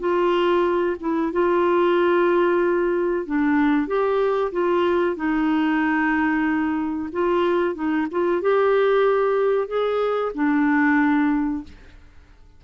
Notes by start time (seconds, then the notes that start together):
0.00 F4
1.01 E4
1.33 F4
3.26 D4
3.88 G4
4.52 F4
5.16 D#4
7.13 F4
7.75 D#4
8.12 F4
8.42 G4
9.68 G#4
10.35 D4